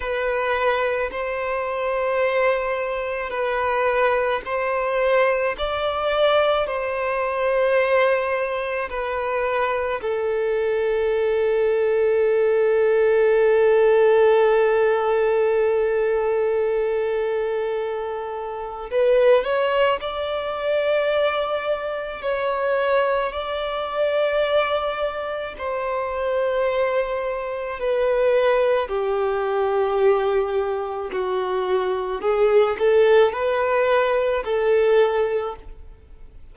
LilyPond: \new Staff \with { instrumentName = "violin" } { \time 4/4 \tempo 4 = 54 b'4 c''2 b'4 | c''4 d''4 c''2 | b'4 a'2.~ | a'1~ |
a'4 b'8 cis''8 d''2 | cis''4 d''2 c''4~ | c''4 b'4 g'2 | fis'4 gis'8 a'8 b'4 a'4 | }